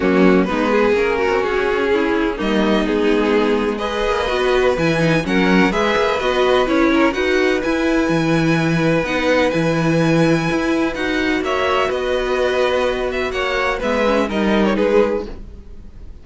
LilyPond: <<
  \new Staff \with { instrumentName = "violin" } { \time 4/4 \tempo 4 = 126 fis'4 b'4 ais'4 gis'4~ | gis'4 dis''4 gis'2 | dis''2 gis''4 fis''4 | e''4 dis''4 cis''4 fis''4 |
gis''2. fis''4 | gis''2. fis''4 | e''4 dis''2~ dis''8 e''8 | fis''4 e''4 dis''8. cis''16 b'4 | }
  \new Staff \with { instrumentName = "violin" } { \time 4/4 cis'4 dis'8 gis'4 fis'4. | e'4 dis'2. | b'2. ais'4 | b'2~ b'8 ais'8 b'4~ |
b'1~ | b'1 | cis''4 b'2. | cis''4 b'4 ais'4 gis'4 | }
  \new Staff \with { instrumentName = "viola" } { \time 4/4 ais4 b4 cis'2~ | cis'4 ais4 b2 | gis'4 fis'4 e'8 dis'8 cis'4 | gis'4 fis'4 e'4 fis'4 |
e'2. dis'4 | e'2. fis'4~ | fis'1~ | fis'4 b8 cis'8 dis'2 | }
  \new Staff \with { instrumentName = "cello" } { \time 4/4 fis4 gis4 ais8. c'16 cis'4~ | cis'4 g4 gis2~ | gis8 ais8 b4 e4 fis4 | gis8 ais8 b4 cis'4 dis'4 |
e'4 e2 b4 | e2 e'4 dis'4 | ais4 b2. | ais4 gis4 g4 gis4 | }
>>